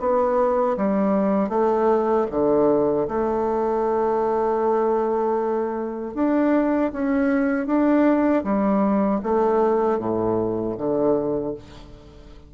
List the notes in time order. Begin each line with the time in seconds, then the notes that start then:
0.00 B3
0.77 G3
1.49 A3
2.31 D3
3.08 A3
6.15 D4
6.93 C#4
7.67 D4
8.44 G3
9.23 A3
9.99 A2
10.78 D3